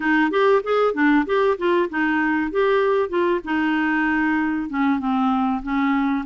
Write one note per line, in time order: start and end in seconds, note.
0.00 0.30 D#4
0.30 0.62 G4
0.63 0.93 G#4
0.93 1.25 D4
1.26 1.57 G4
1.58 1.89 F4
1.89 2.51 D#4
2.51 3.09 G4
3.09 3.40 F4
3.44 4.69 D#4
4.69 4.99 C#4
4.99 5.61 C4
5.62 6.25 C#4